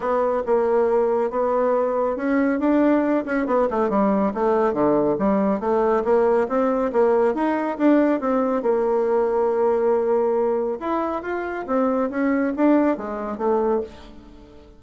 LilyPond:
\new Staff \with { instrumentName = "bassoon" } { \time 4/4 \tempo 4 = 139 b4 ais2 b4~ | b4 cis'4 d'4. cis'8 | b8 a8 g4 a4 d4 | g4 a4 ais4 c'4 |
ais4 dis'4 d'4 c'4 | ais1~ | ais4 e'4 f'4 c'4 | cis'4 d'4 gis4 a4 | }